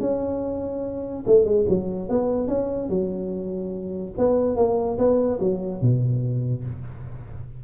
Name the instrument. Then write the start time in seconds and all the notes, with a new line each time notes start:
tuba
0.00 C#4
1.26 A3
1.45 G#3
1.68 F#3
2.09 B3
2.48 C#4
2.89 F#3
4.18 B3
4.56 A#3
4.98 B3
5.40 F#3
5.81 B2